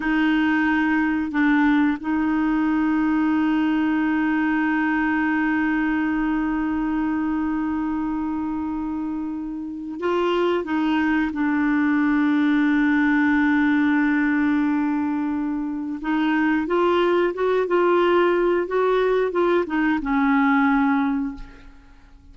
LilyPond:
\new Staff \with { instrumentName = "clarinet" } { \time 4/4 \tempo 4 = 90 dis'2 d'4 dis'4~ | dis'1~ | dis'1~ | dis'2. f'4 |
dis'4 d'2.~ | d'1 | dis'4 f'4 fis'8 f'4. | fis'4 f'8 dis'8 cis'2 | }